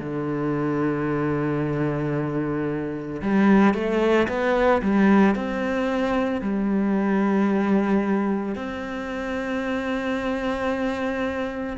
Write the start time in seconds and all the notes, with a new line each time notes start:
0.00 D3
3.22 G3
3.75 A3
4.29 B3
4.82 G3
5.36 C4
6.42 G3
8.56 C4